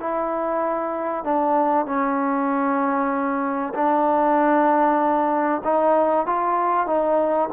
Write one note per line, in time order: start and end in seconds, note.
0.00 1.25 E4
1.25 1.86 D4
1.86 3.74 C#4
3.75 5.62 D4
5.64 6.26 D#4
6.26 6.87 F4
6.87 7.49 D#4